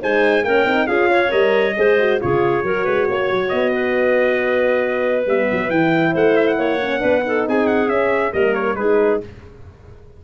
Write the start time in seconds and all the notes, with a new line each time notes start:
0.00 G#3 D#4 C5 G#5
0.44 A#3 C#4 A#4 G5
0.65 C4 D#4
0.86 C#4 F4 G#4 F5
1.10 C#5
1.28 G3 A#4 D#5
1.76 G#3 G#4 C5
1.99 F#4
2.20 C#3 F4 G#4 C#5
2.63 F#3 F#4 A#4
2.84 G#3 B4
3.09 A#3 C#5
3.31 F#3
3.48 B3 D#5
3.72 B4
5.26 G3 B3 E5
5.51 F#3
5.70 E3 E4 G5
6.11 A3 C5 F#5
6.36 E5
6.47 F#5
6.58 A#3 C#5
6.81 C#4
6.99 B3 D4 B4
7.24 D#4 A4
7.47 C4 G#4 G#5
7.67 F#5
7.88 C#4 E5
8.31 G3 A#3 A#4 D#5
8.54 C#5
8.75 G#3 D#4 G#4 B4